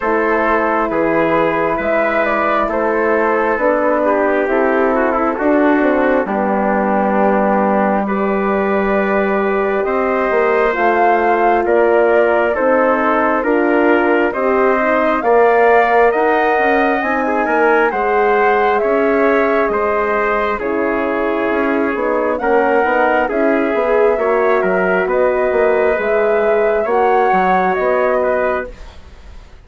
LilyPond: <<
  \new Staff \with { instrumentName = "flute" } { \time 4/4 \tempo 4 = 67 c''4 b'4 e''8 d''8 c''4 | b'4 a'2 g'4~ | g'4 d''2 dis''4 | f''4 d''4 c''4 ais'4 |
dis''4 f''4 fis''4 gis''4 | fis''4 e''4 dis''4 cis''4~ | cis''4 fis''4 e''2 | dis''4 e''4 fis''4 dis''4 | }
  \new Staff \with { instrumentName = "trumpet" } { \time 4/4 a'4 gis'4 b'4 a'4~ | a'8 g'4 fis'16 e'16 fis'4 d'4~ | d'4 b'2 c''4~ | c''4 ais'4 a'4 ais'4 |
c''4 d''4 dis''4~ dis''16 gis'16 ais'8 | c''4 cis''4 c''4 gis'4~ | gis'4 ais'4 gis'4 cis''8 ais'8 | b'2 cis''4. b'8 | }
  \new Staff \with { instrumentName = "horn" } { \time 4/4 e'1 | d'4 e'4 d'8 c'8 b4~ | b4 g'2. | f'2 dis'4 f'4 |
g'8 dis'8 ais'2 dis'4 | gis'2. e'4~ | e'8 dis'8 cis'8 dis'8 e'8 gis'8 fis'4~ | fis'4 gis'4 fis'2 | }
  \new Staff \with { instrumentName = "bassoon" } { \time 4/4 a4 e4 gis4 a4 | b4 c'4 d'4 g4~ | g2. c'8 ais8 | a4 ais4 c'4 d'4 |
c'4 ais4 dis'8 cis'8 c'8 ais8 | gis4 cis'4 gis4 cis4 | cis'8 b8 ais8 b8 cis'8 b8 ais8 fis8 | b8 ais8 gis4 ais8 fis8 b4 | }
>>